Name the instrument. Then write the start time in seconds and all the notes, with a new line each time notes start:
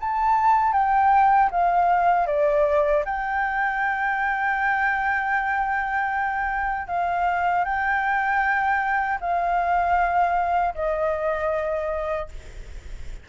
flute
0.00 A5
0.73 G5
1.51 F5
2.27 D5
3.05 G5
6.87 F5
7.65 G5
9.21 F5
10.75 D#5